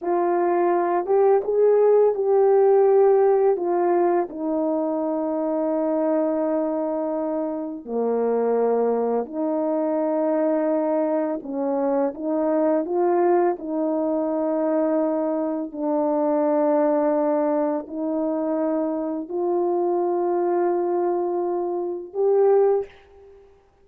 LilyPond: \new Staff \with { instrumentName = "horn" } { \time 4/4 \tempo 4 = 84 f'4. g'8 gis'4 g'4~ | g'4 f'4 dis'2~ | dis'2. ais4~ | ais4 dis'2. |
cis'4 dis'4 f'4 dis'4~ | dis'2 d'2~ | d'4 dis'2 f'4~ | f'2. g'4 | }